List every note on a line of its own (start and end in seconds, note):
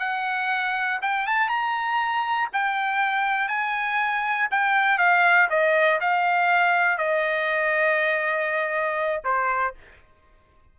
0.00 1.00 F#5
1.02 1.27 G5
1.27 1.49 A5
1.49 2.49 A#5
2.54 3.49 G5
3.49 4.49 G#5
4.51 4.99 G5
4.99 5.49 F5
5.50 6.00 D#5
6.01 6.98 F5
6.98 9.23 D#5
9.25 9.75 C5